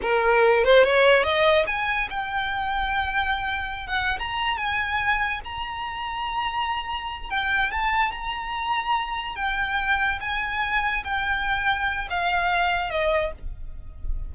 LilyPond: \new Staff \with { instrumentName = "violin" } { \time 4/4 \tempo 4 = 144 ais'4. c''8 cis''4 dis''4 | gis''4 g''2.~ | g''4~ g''16 fis''8. ais''4 gis''4~ | gis''4 ais''2.~ |
ais''4. g''4 a''4 ais''8~ | ais''2~ ais''8 g''4.~ | g''8 gis''2 g''4.~ | g''4 f''2 dis''4 | }